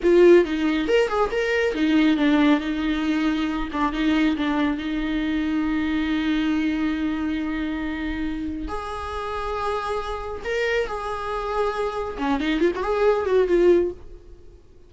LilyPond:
\new Staff \with { instrumentName = "viola" } { \time 4/4 \tempo 4 = 138 f'4 dis'4 ais'8 gis'8 ais'4 | dis'4 d'4 dis'2~ | dis'8 d'8 dis'4 d'4 dis'4~ | dis'1~ |
dis'1 | gis'1 | ais'4 gis'2. | cis'8 dis'8 f'16 fis'16 gis'4 fis'8 f'4 | }